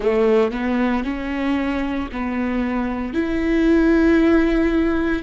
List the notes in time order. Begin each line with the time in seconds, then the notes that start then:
0.00 A3
0.51 B3
1.03 C#4
2.11 B3
3.13 E4